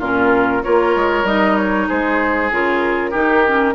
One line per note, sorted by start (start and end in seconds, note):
0.00 0.63 A#2
0.00 0.64 C#4
0.00 0.62 F4
0.00 0.64 A#4
0.64 0.96 A#3
0.64 1.26 F4
0.64 1.89 A#4
0.64 1.26 C#5
0.96 1.24 G#3
1.24 1.87 G3
1.24 2.51 D#4
1.24 1.57 D#5
1.57 1.88 C#5
1.89 2.52 G#3
1.89 3.11 G#4
1.89 2.52 C5
2.52 3.14 C#3
2.52 3.14 F4
2.52 3.75 A#4
3.11 3.75 D#3
3.11 3.45 D#4
3.11 3.74 G4
3.47 3.75 C#4